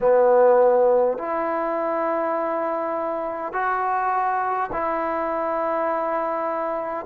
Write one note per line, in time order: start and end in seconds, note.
0.01 1.18 B3
1.18 3.52 E4
3.52 4.70 F#4
4.72 7.05 E4